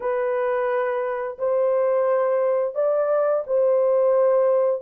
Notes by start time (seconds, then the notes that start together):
0.00 B4
1.38 C5
2.75 D5
3.46 C5